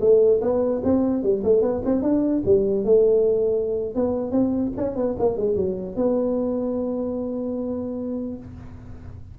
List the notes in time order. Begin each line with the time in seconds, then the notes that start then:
0.00 A3
0.41 B3
0.84 C4
1.23 G3
1.44 A3
1.61 B3
1.85 C4
2.02 D4
2.45 G3
2.84 A3
3.95 B3
4.31 C4
4.76 C#4
4.95 B3
5.19 A#3
5.37 G#3
5.55 F#3
5.95 B3